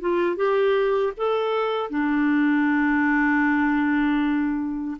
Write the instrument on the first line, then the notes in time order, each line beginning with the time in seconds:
clarinet
0.00 F4
0.36 G4
1.17 A4
1.90 D4